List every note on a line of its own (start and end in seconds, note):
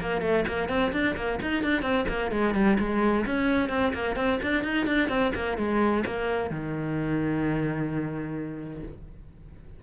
0.00 0.21 A#3
0.21 0.44 A3
0.47 0.68 A#3
0.68 0.92 C4
0.92 1.15 D4
1.16 1.39 A#3
1.42 1.63 D#4
1.63 1.82 D4
1.82 2.05 C4
2.08 2.31 A#3
2.31 2.54 G#3
2.54 2.77 G3
2.79 3.25 G#3
3.26 3.69 C#4
3.69 3.92 C4
3.93 4.16 A#3
4.16 4.39 C4
4.42 4.63 D4
4.63 4.86 D#4
4.86 5.08 D4
5.08 5.31 C4
5.34 5.57 A#3
5.57 6.04 G#3
6.06 6.50 A#3
6.50 8.82 D#3